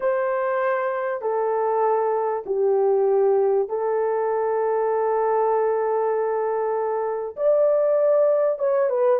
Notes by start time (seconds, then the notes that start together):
0.00 C5
1.21 A4
2.46 G4
3.68 A4
7.36 D5
8.59 C#5
8.89 B4